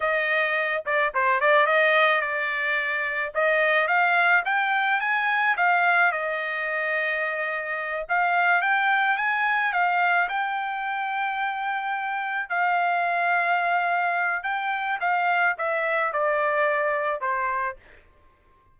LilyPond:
\new Staff \with { instrumentName = "trumpet" } { \time 4/4 \tempo 4 = 108 dis''4. d''8 c''8 d''8 dis''4 | d''2 dis''4 f''4 | g''4 gis''4 f''4 dis''4~ | dis''2~ dis''8 f''4 g''8~ |
g''8 gis''4 f''4 g''4.~ | g''2~ g''8 f''4.~ | f''2 g''4 f''4 | e''4 d''2 c''4 | }